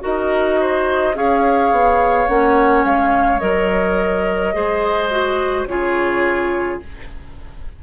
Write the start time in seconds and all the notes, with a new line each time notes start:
0.00 D#4 F#4 A#4 D#5
0.60 C5
1.14 C#4 G#4 C#5 F5
1.71 B3
2.27 A#3 C#4 F#5
2.84 G#3 F5
3.39 F#3 A#4 D#5
4.53 G#3 G#4 C5
5.10 F#4
5.65 C#3 F4 G#4 C#5